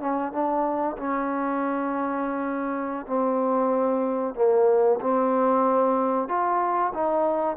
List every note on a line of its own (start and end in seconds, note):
0.00 0.32 C#4
0.32 0.97 D4
0.97 3.06 C#4
3.06 4.35 C4
4.35 4.99 A#3
5.01 6.28 C4
6.28 6.93 F4
6.94 7.56 D#4